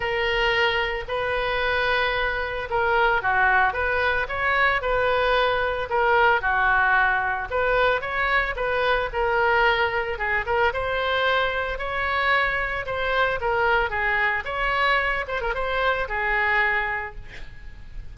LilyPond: \new Staff \with { instrumentName = "oboe" } { \time 4/4 \tempo 4 = 112 ais'2 b'2~ | b'4 ais'4 fis'4 b'4 | cis''4 b'2 ais'4 | fis'2 b'4 cis''4 |
b'4 ais'2 gis'8 ais'8 | c''2 cis''2 | c''4 ais'4 gis'4 cis''4~ | cis''8 c''16 ais'16 c''4 gis'2 | }